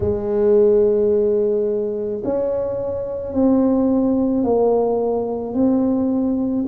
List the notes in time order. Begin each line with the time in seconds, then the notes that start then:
0.00 G#3
2.24 C#4
3.33 C4
4.43 A#3
5.54 C4